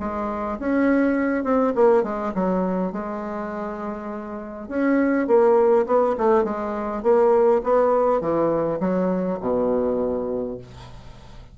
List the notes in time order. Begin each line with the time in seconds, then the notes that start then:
0.00 G#3
0.60 C#4
1.44 C4
1.76 A#3
2.04 G#3
2.35 F#3
2.93 G#3
4.69 C#4
5.28 A#3
5.87 B3
6.18 A3
6.44 G#3
7.03 A#3
7.64 B3
8.21 E3
8.81 F#3
9.41 B2